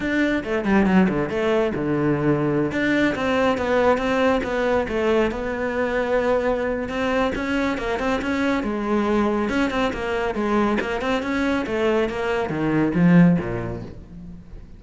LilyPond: \new Staff \with { instrumentName = "cello" } { \time 4/4 \tempo 4 = 139 d'4 a8 g8 fis8 d8 a4 | d2~ d16 d'4 c'8.~ | c'16 b4 c'4 b4 a8.~ | a16 b2.~ b8. |
c'4 cis'4 ais8 c'8 cis'4 | gis2 cis'8 c'8 ais4 | gis4 ais8 c'8 cis'4 a4 | ais4 dis4 f4 ais,4 | }